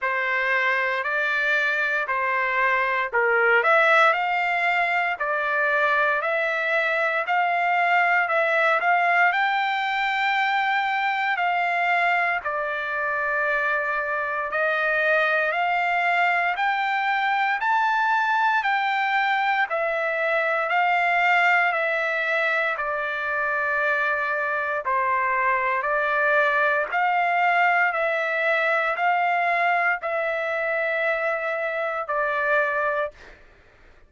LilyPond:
\new Staff \with { instrumentName = "trumpet" } { \time 4/4 \tempo 4 = 58 c''4 d''4 c''4 ais'8 e''8 | f''4 d''4 e''4 f''4 | e''8 f''8 g''2 f''4 | d''2 dis''4 f''4 |
g''4 a''4 g''4 e''4 | f''4 e''4 d''2 | c''4 d''4 f''4 e''4 | f''4 e''2 d''4 | }